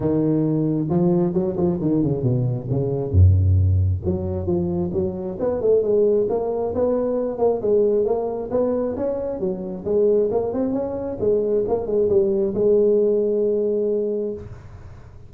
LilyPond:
\new Staff \with { instrumentName = "tuba" } { \time 4/4 \tempo 4 = 134 dis2 f4 fis8 f8 | dis8 cis8 b,4 cis4 fis,4~ | fis,4 fis4 f4 fis4 | b8 a8 gis4 ais4 b4~ |
b8 ais8 gis4 ais4 b4 | cis'4 fis4 gis4 ais8 c'8 | cis'4 gis4 ais8 gis8 g4 | gis1 | }